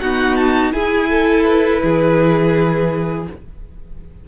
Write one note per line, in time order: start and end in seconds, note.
0.00 0.72 B3
0.00 0.74 D#4
0.00 0.73 F#4
0.00 0.36 F#5
0.36 0.72 A5
0.72 3.25 E4
0.72 1.82 E4
0.72 1.10 G#4
0.72 1.44 G#5
1.10 1.82 A4
1.44 3.24 B4
1.83 3.27 E3
1.83 3.28 G#4